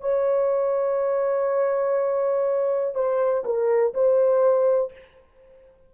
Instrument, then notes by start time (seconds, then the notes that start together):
horn
0.00 C#5
2.95 C5
3.44 A#4
3.94 C5